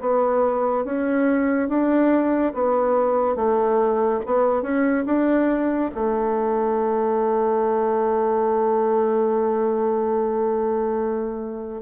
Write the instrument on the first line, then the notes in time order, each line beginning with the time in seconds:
bassoon
0.00 B3
0.85 C#4
1.69 D4
2.54 B3
3.36 A3
4.26 B3
4.62 C#4
5.06 D4
5.95 A3